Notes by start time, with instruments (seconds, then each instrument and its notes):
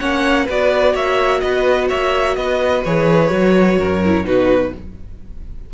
0.00 cello A#3, viola C#4, violin C#5 F#5
0.46 cello B3, viola F#4, violin B4 D5
0.93 cello A#3, violin C#5 E5
1.40 cello B3, violin B4 D#5
1.88 cello A#3, violin C#5 E5
2.37 cello B3, violin B4 D#5
2.85 cello E3, viola G#4, violin C#5
3.30 cello F#3, viola F#4
3.79 cello F#2, violin A#4
4.05 viola E4
4.25 cello B2, viola D#4, violin F#4 B4